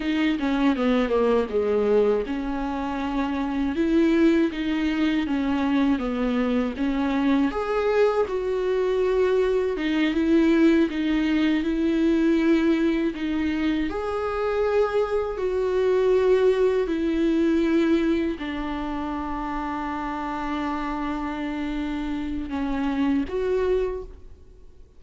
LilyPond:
\new Staff \with { instrumentName = "viola" } { \time 4/4 \tempo 4 = 80 dis'8 cis'8 b8 ais8 gis4 cis'4~ | cis'4 e'4 dis'4 cis'4 | b4 cis'4 gis'4 fis'4~ | fis'4 dis'8 e'4 dis'4 e'8~ |
e'4. dis'4 gis'4.~ | gis'8 fis'2 e'4.~ | e'8 d'2.~ d'8~ | d'2 cis'4 fis'4 | }